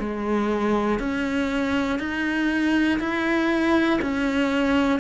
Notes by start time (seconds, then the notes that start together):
0.00 G#3
1.00 C#4
2.00 D#4
3.00 E4
4.02 C#4